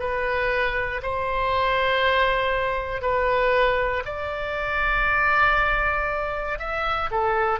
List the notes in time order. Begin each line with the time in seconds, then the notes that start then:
0.00 B4
1.03 C5
3.02 B4
4.06 D5
6.59 E5
7.11 A4